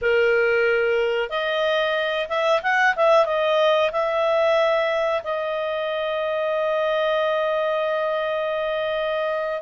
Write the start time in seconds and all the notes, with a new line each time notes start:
0.01 A#4
1.29 D#5
2.28 E5
2.62 F#5
2.96 E5
3.25 D#5
3.91 E5
5.23 D#5